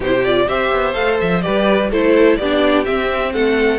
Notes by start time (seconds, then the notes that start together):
0.00 C3 E4 G4 C5
0.24 F4 D5
0.47 C4 G4 C5 E5
0.72 B3
0.93 A3 A4 F5
1.20 F3 E5
1.41 G3 G4 B4 D5
1.90 A3 E4 A4 C5
2.36 B3 D4 G4 D5
2.84 C4 E5
3.32 A3 A4 F#5